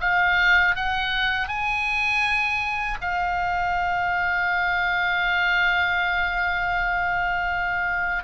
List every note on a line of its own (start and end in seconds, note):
0.00 0.75 F5
0.75 1.48 F#5
1.48 2.98 G#5
3.01 8.23 F5